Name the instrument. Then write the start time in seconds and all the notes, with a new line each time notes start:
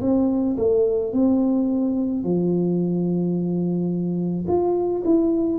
tuba
0.00 C4
0.57 A3
1.12 C4
2.23 F3
4.47 F4
5.04 E4